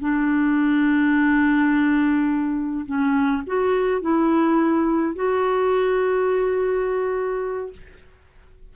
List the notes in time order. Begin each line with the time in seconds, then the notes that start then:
0.00 D4
2.86 C#4
3.47 F#4
4.02 E4
5.16 F#4